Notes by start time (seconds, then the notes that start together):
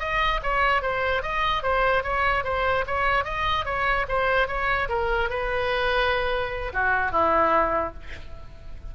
0.00 D#5
0.43 C#5
0.82 C5
1.23 D#5
1.63 C5
2.04 C#5
2.44 C5
2.87 C#5
3.25 D#5
3.65 C#5
4.09 C5
4.48 C#5
4.89 A#4
5.30 B4
6.74 F#4
7.12 E4